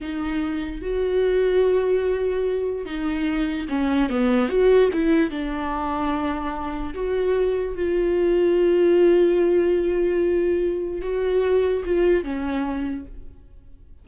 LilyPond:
\new Staff \with { instrumentName = "viola" } { \time 4/4 \tempo 4 = 147 dis'2 fis'2~ | fis'2. dis'4~ | dis'4 cis'4 b4 fis'4 | e'4 d'2.~ |
d'4 fis'2 f'4~ | f'1~ | f'2. fis'4~ | fis'4 f'4 cis'2 | }